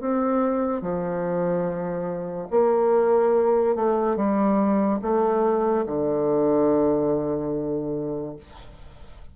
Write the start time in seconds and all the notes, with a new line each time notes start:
0.00 C4
0.81 F3
2.51 A#3
3.76 A3
4.16 G3
5.02 A3
5.86 D3